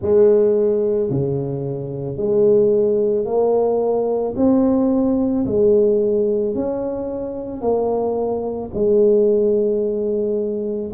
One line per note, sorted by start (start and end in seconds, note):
0.01 1.10 G#3
1.10 2.17 C#3
2.17 3.25 G#3
3.25 4.34 A#3
4.36 5.45 C4
5.45 6.55 G#3
6.55 7.61 C#4
7.61 8.70 A#3
8.73 10.91 G#3